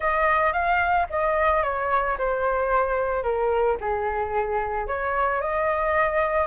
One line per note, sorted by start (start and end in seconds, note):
0.00 0.52 D#5
0.52 1.06 F5
1.10 1.63 D#5
1.63 2.17 C#5
2.18 3.23 C5
3.23 3.77 A#4
3.80 4.87 G#4
4.87 5.41 C#5
5.41 6.47 D#5